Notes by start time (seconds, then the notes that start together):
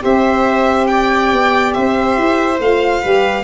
0.00 C4 G4 C5 E5
0.87 D5 G5
1.33 B3
1.74 C4 C5 E5
2.17 E4
2.60 A3 F4 F5
3.02 G3 G4 B4